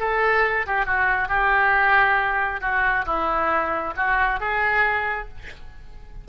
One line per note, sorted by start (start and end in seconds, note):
0.00 0.66 A4
0.67 0.86 G4
0.86 1.29 F#4
1.29 2.61 G4
2.61 3.05 F#4
3.06 3.94 E4
3.96 4.40 F#4
4.40 5.29 G#4